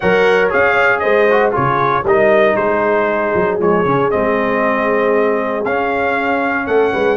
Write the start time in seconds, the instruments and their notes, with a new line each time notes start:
0.00 tuba F#3, trombone A#4, horn C#5, trumpet F#5
0.50 tuba C#4, trombone G#4, trumpet F5
0.99 tuba G#3, horn C5, trumpet D#5
1.30 trombone F#4
1.51 tuba C#3, trombone F4, horn G#4, trumpet C#5
2.04 tuba G3, trombone D#4, horn A#4, trumpet D#5
2.56 tuba G#3, horn G#4, trumpet C5
3.34 tuba F#3
3.59 tuba F3, trombone G#3, trumpet C#5
3.85 tuba C#3, trombone C#4
4.11 tuba G#3, trombone C4, trumpet D#5
5.64 tuba C#4, trombone C#4, trumpet F5
6.66 tuba A3, horn A4, trumpet F#5
6.92 tuba G#3, horn B4